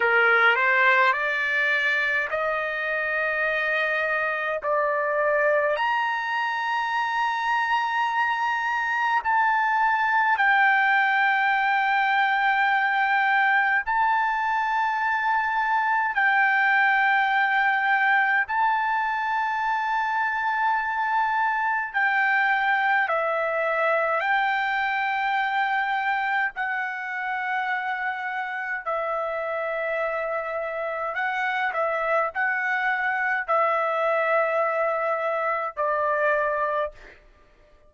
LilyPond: \new Staff \with { instrumentName = "trumpet" } { \time 4/4 \tempo 4 = 52 ais'8 c''8 d''4 dis''2 | d''4 ais''2. | a''4 g''2. | a''2 g''2 |
a''2. g''4 | e''4 g''2 fis''4~ | fis''4 e''2 fis''8 e''8 | fis''4 e''2 d''4 | }